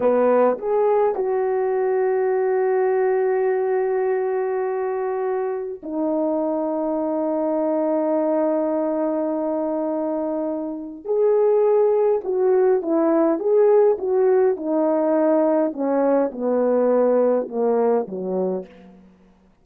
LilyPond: \new Staff \with { instrumentName = "horn" } { \time 4/4 \tempo 4 = 103 b4 gis'4 fis'2~ | fis'1~ | fis'2 dis'2~ | dis'1~ |
dis'2. gis'4~ | gis'4 fis'4 e'4 gis'4 | fis'4 dis'2 cis'4 | b2 ais4 fis4 | }